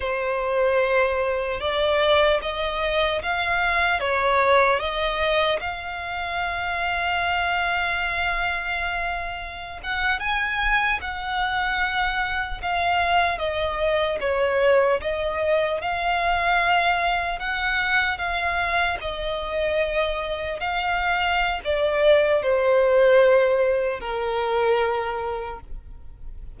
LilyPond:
\new Staff \with { instrumentName = "violin" } { \time 4/4 \tempo 4 = 75 c''2 d''4 dis''4 | f''4 cis''4 dis''4 f''4~ | f''1~ | f''16 fis''8 gis''4 fis''2 f''16~ |
f''8. dis''4 cis''4 dis''4 f''16~ | f''4.~ f''16 fis''4 f''4 dis''16~ | dis''4.~ dis''16 f''4~ f''16 d''4 | c''2 ais'2 | }